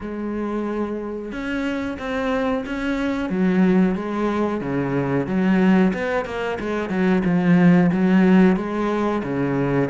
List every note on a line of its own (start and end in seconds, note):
0.00 1.32 G#3
1.32 1.98 C#4
1.98 2.64 C4
2.66 3.29 C#4
3.29 3.95 F#3
3.95 4.61 G#3
4.61 5.26 C#3
5.26 5.92 F#3
5.93 6.25 B3
6.25 6.58 A#3
6.59 6.89 G#3
6.89 7.22 F#3
7.25 7.91 F3
7.92 8.56 F#3
8.56 9.22 G#3
9.23 9.89 C#3